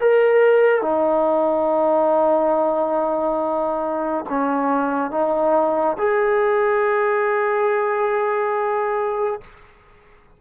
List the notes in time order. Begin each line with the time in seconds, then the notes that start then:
0.00 A#4
0.81 D#4
4.29 C#4
5.10 D#4
5.98 G#4